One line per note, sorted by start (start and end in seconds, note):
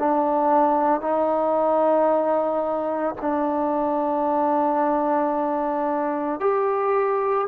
0.00 1.01 D4
1.01 3.16 D#4
3.22 6.41 D4
6.41 7.48 G4